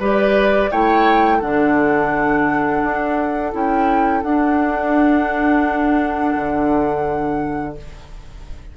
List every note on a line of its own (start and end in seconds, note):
0.00 0.71 G3
0.00 0.72 G4
0.00 0.71 B4
0.00 0.72 D5
0.72 1.42 A3
0.72 1.41 E4
0.72 1.39 C#5
0.72 1.41 G5
1.39 2.83 D3
1.39 3.52 D4
1.39 7.74 A4
1.39 3.53 F#5
2.83 3.54 D4
3.52 4.24 C#4
3.52 4.23 E4
3.52 4.23 G5
4.23 6.35 D4
4.23 7.77 D4
4.23 7.76 F#5
6.36 7.77 D3